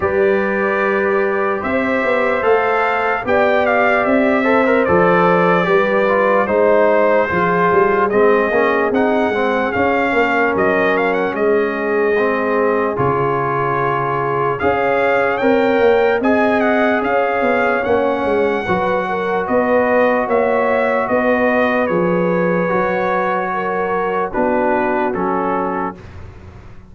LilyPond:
<<
  \new Staff \with { instrumentName = "trumpet" } { \time 4/4 \tempo 4 = 74 d''2 e''4 f''4 | g''8 f''8 e''4 d''2 | c''2 dis''4 fis''4 | f''4 dis''8 f''16 fis''16 dis''2 |
cis''2 f''4 g''4 | gis''8 fis''8 f''4 fis''2 | dis''4 e''4 dis''4 cis''4~ | cis''2 b'4 a'4 | }
  \new Staff \with { instrumentName = "horn" } { \time 4/4 b'2 c''2 | d''4. c''4. b'4 | c''4 gis'2.~ | gis'8 ais'4. gis'2~ |
gis'2 cis''2 | dis''4 cis''2 b'8 ais'8 | b'4 cis''4 b'2~ | b'4 ais'4 fis'2 | }
  \new Staff \with { instrumentName = "trombone" } { \time 4/4 g'2. a'4 | g'4. a'16 ais'16 a'4 g'8 f'8 | dis'4 f'4 c'8 cis'8 dis'8 c'8 | cis'2. c'4 |
f'2 gis'4 ais'4 | gis'2 cis'4 fis'4~ | fis'2. gis'4 | fis'2 d'4 cis'4 | }
  \new Staff \with { instrumentName = "tuba" } { \time 4/4 g2 c'8 b8 a4 | b4 c'4 f4 g4 | gis4 f8 g8 gis8 ais8 c'8 gis8 | cis'8 ais8 fis4 gis2 |
cis2 cis'4 c'8 ais8 | c'4 cis'8 b8 ais8 gis8 fis4 | b4 ais4 b4 f4 | fis2 b4 fis4 | }
>>